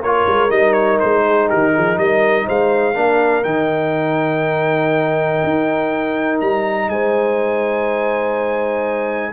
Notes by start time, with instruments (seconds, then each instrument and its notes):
0.00 tuba A#3, trombone F4, horn A#4, trumpet C#5
0.27 tuba G#3
0.50 tuba G3, trombone D#4, trumpet D#5
0.74 trumpet C#5
1.00 tuba G#3, trumpet C5
1.27 horn G#4
1.48 tuba D#3, horn G4, trumpet A#4
1.73 tuba F3, horn G#4
1.98 tuba G3, horn A#4, trumpet D#5
2.46 tuba G#3, horn C5, trumpet F5
2.94 tuba A#3, trombone D4, horn A#4
3.44 tuba D#3, trombone D#4, trumpet G5
5.44 tuba D#4
6.41 tuba G3, trumpet A#5
6.89 tuba G#3, horn C5, trumpet G#5